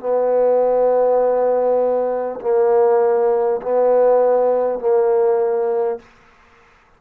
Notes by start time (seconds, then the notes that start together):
0.00 B3
2.41 A#3
3.62 B3
4.79 A#3